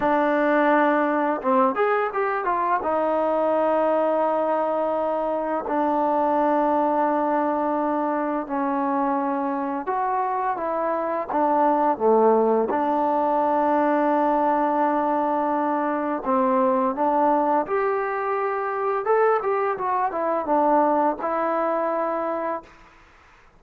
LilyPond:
\new Staff \with { instrumentName = "trombone" } { \time 4/4 \tempo 4 = 85 d'2 c'8 gis'8 g'8 f'8 | dis'1 | d'1 | cis'2 fis'4 e'4 |
d'4 a4 d'2~ | d'2. c'4 | d'4 g'2 a'8 g'8 | fis'8 e'8 d'4 e'2 | }